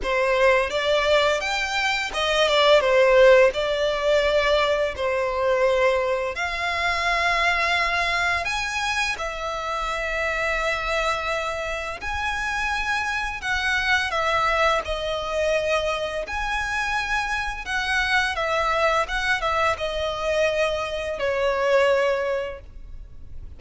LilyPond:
\new Staff \with { instrumentName = "violin" } { \time 4/4 \tempo 4 = 85 c''4 d''4 g''4 dis''8 d''8 | c''4 d''2 c''4~ | c''4 f''2. | gis''4 e''2.~ |
e''4 gis''2 fis''4 | e''4 dis''2 gis''4~ | gis''4 fis''4 e''4 fis''8 e''8 | dis''2 cis''2 | }